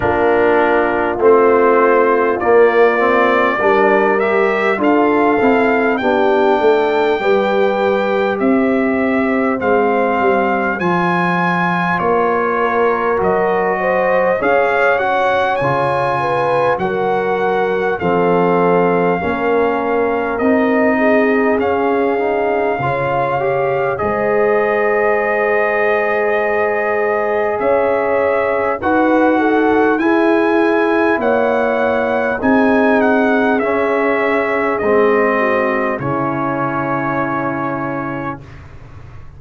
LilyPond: <<
  \new Staff \with { instrumentName = "trumpet" } { \time 4/4 \tempo 4 = 50 ais'4 c''4 d''4. e''8 | f''4 g''2 e''4 | f''4 gis''4 cis''4 dis''4 | f''8 fis''8 gis''4 fis''4 f''4~ |
f''4 dis''4 f''2 | dis''2. e''4 | fis''4 gis''4 fis''4 gis''8 fis''8 | e''4 dis''4 cis''2 | }
  \new Staff \with { instrumentName = "horn" } { \time 4/4 f'2. ais'4 | a'4 g'8 a'8 b'4 c''4~ | c''2~ c''8 ais'4 c''8 | cis''4. b'8 ais'4 a'4 |
ais'4. gis'4. cis''4 | c''2. cis''4 | b'8 a'8 gis'4 cis''4 gis'4~ | gis'4. fis'8 e'2 | }
  \new Staff \with { instrumentName = "trombone" } { \time 4/4 d'4 c'4 ais8 c'8 d'8 g'8 | f'8 e'8 d'4 g'2 | c'4 f'2 fis'4 | gis'8 fis'8 f'4 fis'4 c'4 |
cis'4 dis'4 cis'8 dis'8 f'8 g'8 | gis'1 | fis'4 e'2 dis'4 | cis'4 c'4 cis'2 | }
  \new Staff \with { instrumentName = "tuba" } { \time 4/4 ais4 a4 ais4 g4 | d'8 c'8 b8 a8 g4 c'4 | gis8 g8 f4 ais4 fis4 | cis'4 cis4 fis4 f4 |
ais4 c'4 cis'4 cis4 | gis2. cis'4 | dis'4 e'4 ais4 c'4 | cis'4 gis4 cis2 | }
>>